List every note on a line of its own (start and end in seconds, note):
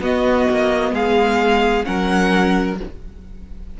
0.00 0.46 B3
0.00 1.83 B3
0.00 0.93 F#4
0.00 0.94 D#5
0.50 0.91 A#3
0.91 1.84 G#3
0.91 1.85 G#4
0.91 1.85 F5
1.83 2.80 F#3
1.83 2.76 C#4
1.83 2.79 A#4
1.83 2.77 F#5